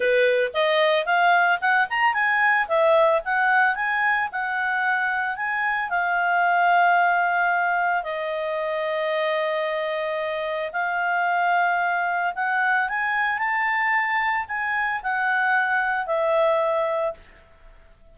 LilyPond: \new Staff \with { instrumentName = "clarinet" } { \time 4/4 \tempo 4 = 112 b'4 dis''4 f''4 fis''8 ais''8 | gis''4 e''4 fis''4 gis''4 | fis''2 gis''4 f''4~ | f''2. dis''4~ |
dis''1 | f''2. fis''4 | gis''4 a''2 gis''4 | fis''2 e''2 | }